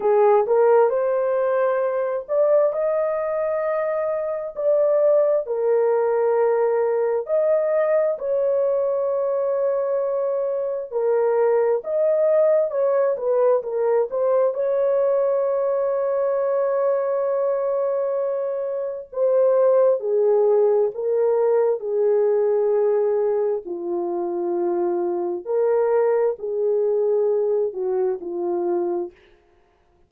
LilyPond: \new Staff \with { instrumentName = "horn" } { \time 4/4 \tempo 4 = 66 gis'8 ais'8 c''4. d''8 dis''4~ | dis''4 d''4 ais'2 | dis''4 cis''2. | ais'4 dis''4 cis''8 b'8 ais'8 c''8 |
cis''1~ | cis''4 c''4 gis'4 ais'4 | gis'2 f'2 | ais'4 gis'4. fis'8 f'4 | }